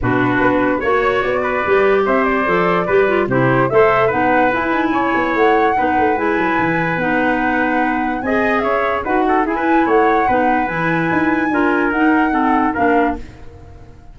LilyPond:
<<
  \new Staff \with { instrumentName = "flute" } { \time 4/4 \tempo 4 = 146 b'2 cis''4 d''4~ | d''4 e''8 d''2~ d''8 | c''4 e''4 fis''4 gis''4~ | gis''4 fis''2 gis''4~ |
gis''4 fis''2. | gis''4 e''4 fis''4 gis''4 | fis''2 gis''2~ | gis''4 fis''2 f''4 | }
  \new Staff \with { instrumentName = "trumpet" } { \time 4/4 fis'2 cis''4. b'8~ | b'4 c''2 b'4 | g'4 c''4 b'2 | cis''2 b'2~ |
b'1 | dis''4 cis''4 b'8 a'8 gis'16 b'8. | cis''4 b'2. | ais'2 a'4 ais'4 | }
  \new Staff \with { instrumentName = "clarinet" } { \time 4/4 d'2 fis'2 | g'2 a'4 g'8 f'8 | e'4 a'4 dis'4 e'4~ | e'2 dis'4 e'4~ |
e'4 dis'2. | gis'2 fis'4 e'4~ | e'4 dis'4 e'2 | f'4 dis'4 c'4 d'4 | }
  \new Staff \with { instrumentName = "tuba" } { \time 4/4 b,4 b4 ais4 b4 | g4 c'4 f4 g4 | c4 a4 b4 e'8 dis'8 | cis'8 b8 a4 b8 a8 gis8 fis8 |
e4 b2. | c'4 cis'4 dis'4 e'4 | a4 b4 e4 dis'4 | d'4 dis'2 ais4 | }
>>